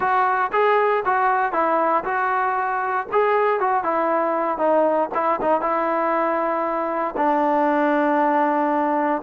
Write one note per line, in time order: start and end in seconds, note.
0.00 0.51 F#4
0.52 1.03 G#4
1.05 1.52 F#4
1.52 2.03 E4
2.04 3.06 F#4
3.12 3.60 G#4
3.60 3.83 F#4
3.83 4.58 E4
4.58 5.09 D#4
5.14 5.40 E4
5.41 5.61 D#4
5.61 7.14 E4
7.17 9.22 D4